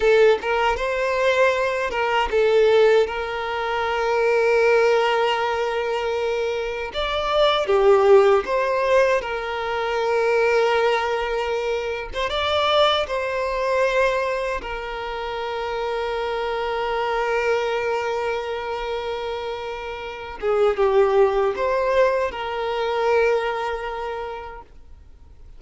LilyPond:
\new Staff \with { instrumentName = "violin" } { \time 4/4 \tempo 4 = 78 a'8 ais'8 c''4. ais'8 a'4 | ais'1~ | ais'4 d''4 g'4 c''4 | ais'2.~ ais'8. c''16 |
d''4 c''2 ais'4~ | ais'1~ | ais'2~ ais'8 gis'8 g'4 | c''4 ais'2. | }